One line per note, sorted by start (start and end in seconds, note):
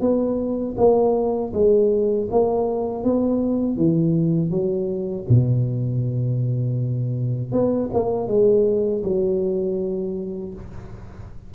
0.00 0.75 B3
0.77 1.52 A#3
1.53 2.28 G#3
2.31 3.03 A#3
3.03 3.76 B3
3.76 4.50 E3
4.50 5.25 F#3
5.28 7.52 B2
7.52 7.89 B3
7.93 8.27 A#3
8.27 9.02 G#3
9.03 10.53 F#3